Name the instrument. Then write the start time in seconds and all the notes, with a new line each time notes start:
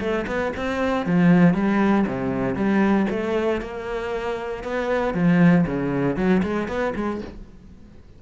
cello
0.00 A3
0.27 B3
0.56 C4
1.06 F3
1.54 G3
2.07 C3
2.55 G3
3.10 A3
3.61 A#3
4.63 B3
5.14 F3
5.66 C#3
6.16 F#3
6.43 G#3
6.68 B3
6.96 G#3